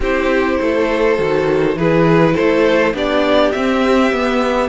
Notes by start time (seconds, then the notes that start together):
0.00 C4 E4 G4 C5
0.60 A3 A4
1.17 D#3 F#4
1.75 E3 E4 G#4 B4
2.34 A3 A4 C5
2.93 B3 D4 G4 D5
3.51 C4 E5
4.12 B3